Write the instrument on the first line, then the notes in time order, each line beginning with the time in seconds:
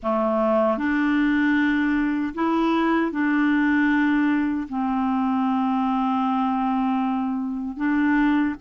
clarinet
0.02 A3
0.77 D4
2.34 E4
3.11 D4
4.69 C4
7.76 D4